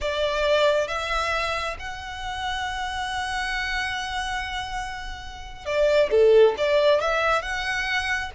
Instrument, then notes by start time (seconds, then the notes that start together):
violin
0.00 D5
0.87 E5
1.79 F#5
5.65 D5
6.11 A4
6.57 D5
7.00 E5
7.42 F#5